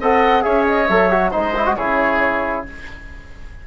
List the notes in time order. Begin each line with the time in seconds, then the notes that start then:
0.00 C4 A4 D#5 F#5
0.41 C#4 G#4 C#5 E5
0.66 D#5
0.87 F#3 A4 E5
1.10 F#4
1.31 G#3 D#4 C5 D#5
1.56 E4
1.66 F#4
1.76 C#3 E4 G#4 C#5